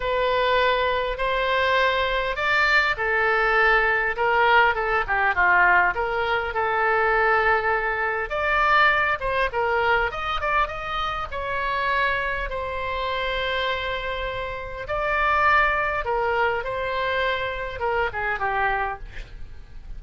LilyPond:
\new Staff \with { instrumentName = "oboe" } { \time 4/4 \tempo 4 = 101 b'2 c''2 | d''4 a'2 ais'4 | a'8 g'8 f'4 ais'4 a'4~ | a'2 d''4. c''8 |
ais'4 dis''8 d''8 dis''4 cis''4~ | cis''4 c''2.~ | c''4 d''2 ais'4 | c''2 ais'8 gis'8 g'4 | }